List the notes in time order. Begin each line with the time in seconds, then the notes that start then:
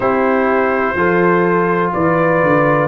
0.00 C4 E4 G4 C5
0.95 F3 F4 A4
1.93 E3 B4 D5
2.43 D3